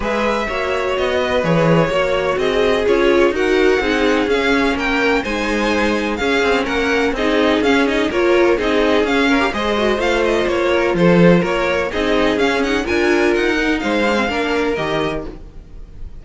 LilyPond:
<<
  \new Staff \with { instrumentName = "violin" } { \time 4/4 \tempo 4 = 126 e''2 dis''4 cis''4~ | cis''4 dis''4 cis''4 fis''4~ | fis''4 f''4 g''4 gis''4~ | gis''4 f''4 fis''4 dis''4 |
f''8 dis''8 cis''4 dis''4 f''4 | dis''4 f''8 dis''8 cis''4 c''4 | cis''4 dis''4 f''8 fis''8 gis''4 | fis''4 f''2 dis''4 | }
  \new Staff \with { instrumentName = "violin" } { \time 4/4 b'4 cis''4. b'4. | cis''4 gis'2 ais'4 | gis'2 ais'4 c''4~ | c''4 gis'4 ais'4 gis'4~ |
gis'4 ais'4 gis'4. ais'8 | c''2~ c''8 ais'8 a'4 | ais'4 gis'2 ais'4~ | ais'4 c''4 ais'2 | }
  \new Staff \with { instrumentName = "viola" } { \time 4/4 gis'4 fis'2 gis'4 | fis'2 f'4 fis'4 | dis'4 cis'2 dis'4~ | dis'4 cis'2 dis'4 |
cis'8 dis'8 f'4 dis'4 cis'8. g'16 | gis'8 fis'8 f'2.~ | f'4 dis'4 cis'8 dis'8 f'4~ | f'8 dis'4 d'16 c'16 d'4 g'4 | }
  \new Staff \with { instrumentName = "cello" } { \time 4/4 gis4 ais4 b4 e4 | ais4 c'4 cis'4 dis'4 | c'4 cis'4 ais4 gis4~ | gis4 cis'8 c'8 ais4 c'4 |
cis'4 ais4 c'4 cis'4 | gis4 a4 ais4 f4 | ais4 c'4 cis'4 d'4 | dis'4 gis4 ais4 dis4 | }
>>